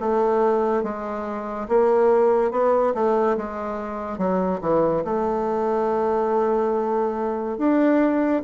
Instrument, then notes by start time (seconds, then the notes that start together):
bassoon
0.00 A3
0.83 G#3
1.69 A#3
2.52 B3
2.95 A3
3.37 G#3
4.18 F#3
4.61 E3
5.05 A3
7.58 D4